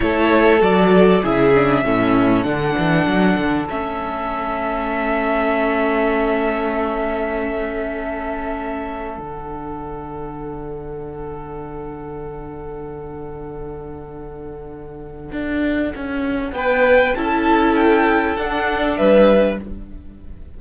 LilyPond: <<
  \new Staff \with { instrumentName = "violin" } { \time 4/4 \tempo 4 = 98 cis''4 d''4 e''2 | fis''2 e''2~ | e''1~ | e''2. fis''4~ |
fis''1~ | fis''1~ | fis''2. g''4 | a''4 g''4 fis''4 e''4 | }
  \new Staff \with { instrumentName = "violin" } { \time 4/4 a'2 gis'4 a'4~ | a'1~ | a'1~ | a'1~ |
a'1~ | a'1~ | a'2. b'4 | a'2. b'4 | }
  \new Staff \with { instrumentName = "viola" } { \time 4/4 e'4 fis'4 e'8 d'8 cis'4 | d'2 cis'2~ | cis'1~ | cis'2. d'4~ |
d'1~ | d'1~ | d'1 | e'2 d'2 | }
  \new Staff \with { instrumentName = "cello" } { \time 4/4 a4 fis4 cis4 a,4 | d8 e8 fis8 d8 a2~ | a1~ | a2. d4~ |
d1~ | d1~ | d4 d'4 cis'4 b4 | cis'2 d'4 g4 | }
>>